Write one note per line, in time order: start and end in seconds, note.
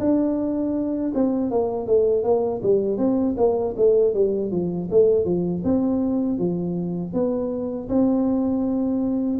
0.00 1.12 D4
1.15 1.51 C4
1.51 1.87 A#3
1.87 2.24 A3
2.24 2.61 A#3
2.63 2.98 G3
2.98 3.35 C4
3.38 3.75 A#3
3.77 4.14 A3
4.14 4.51 G3
4.51 4.89 F3
4.91 5.25 A3
5.25 5.62 F3
5.64 6.39 C4
6.39 7.14 F3
7.14 7.89 B3
7.89 9.39 C4